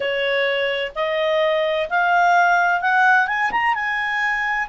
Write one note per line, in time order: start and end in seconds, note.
0.00 0.92 C#5
0.95 1.89 D#5
1.89 2.81 F5
2.81 3.27 F#5
3.27 3.50 G#5
3.51 3.74 A#5
3.74 4.67 G#5